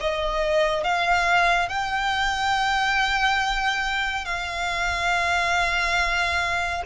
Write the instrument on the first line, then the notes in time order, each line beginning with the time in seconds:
violin
0.00 D#5
0.83 F5
1.68 G5
4.25 F5